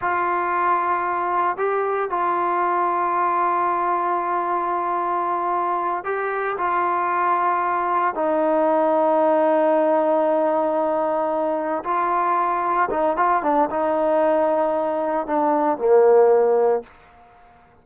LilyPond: \new Staff \with { instrumentName = "trombone" } { \time 4/4 \tempo 4 = 114 f'2. g'4 | f'1~ | f'2.~ f'8 g'8~ | g'8 f'2. dis'8~ |
dis'1~ | dis'2~ dis'8 f'4.~ | f'8 dis'8 f'8 d'8 dis'2~ | dis'4 d'4 ais2 | }